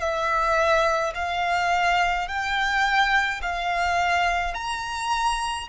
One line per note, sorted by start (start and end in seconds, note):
0.00 1.13 E5
1.14 2.27 F5
2.27 3.41 G5
3.41 4.54 F5
4.54 5.67 A#5